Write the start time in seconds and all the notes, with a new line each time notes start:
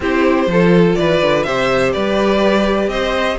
0.00 C4 E4 G4 C5
0.46 F3 F4 A4
0.94 E3 B4 D5
1.22 D3
1.43 C3 G4 C5 E5
1.92 G3 B4 D5
2.87 C4 C5 D#5